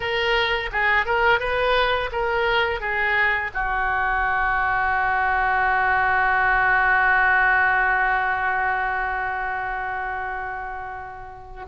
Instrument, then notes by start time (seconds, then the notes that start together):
oboe
0.00 A#4
0.72 G#4
1.05 A#4
1.39 B4
2.11 A#4
2.80 G#4
3.54 F#4